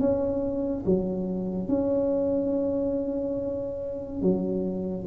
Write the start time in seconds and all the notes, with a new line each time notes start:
0.00 C#4
0.86 F#3
1.69 C#4
4.22 F#3